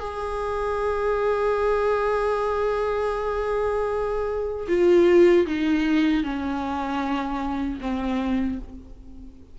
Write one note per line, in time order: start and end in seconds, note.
0.00 4.68 G#4
4.69 5.47 F4
5.47 6.24 D#4
6.24 7.80 C#4
7.81 8.59 C4